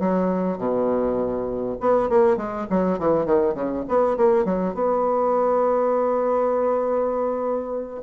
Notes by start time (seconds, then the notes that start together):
0.00 F#3
0.59 B2
1.81 B3
2.10 A#3
2.37 G#3
2.70 F#3
2.99 E3
3.26 D#3
3.55 C#3
3.89 B3
4.17 A#3
4.45 F#3
4.75 B3